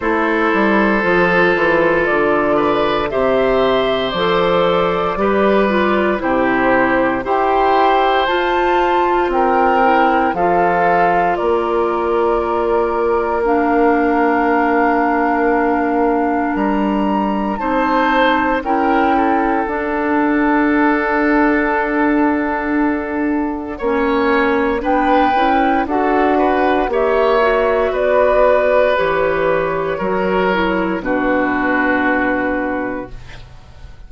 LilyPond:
<<
  \new Staff \with { instrumentName = "flute" } { \time 4/4 \tempo 4 = 58 c''2 d''4 e''4 | d''2 c''4 g''4 | a''4 g''4 f''4 d''4~ | d''4 f''2. |
ais''4 a''4 g''4 fis''4~ | fis''1 | g''4 fis''4 e''4 d''4 | cis''2 b'2 | }
  \new Staff \with { instrumentName = "oboe" } { \time 4/4 a'2~ a'8 b'8 c''4~ | c''4 b'4 g'4 c''4~ | c''4 ais'4 a'4 ais'4~ | ais'1~ |
ais'4 c''4 ais'8 a'4.~ | a'2. cis''4 | b'4 a'8 b'8 cis''4 b'4~ | b'4 ais'4 fis'2 | }
  \new Staff \with { instrumentName = "clarinet" } { \time 4/4 e'4 f'2 g'4 | a'4 g'8 f'8 e'4 g'4 | f'4. e'8 f'2~ | f'4 d'2.~ |
d'4 dis'4 e'4 d'4~ | d'2. cis'4 | d'8 e'8 fis'4 g'8 fis'4. | g'4 fis'8 e'8 d'2 | }
  \new Staff \with { instrumentName = "bassoon" } { \time 4/4 a8 g8 f8 e8 d4 c4 | f4 g4 c4 e'4 | f'4 c'4 f4 ais4~ | ais1 |
g4 c'4 cis'4 d'4~ | d'2. ais4 | b8 cis'8 d'4 ais4 b4 | e4 fis4 b,2 | }
>>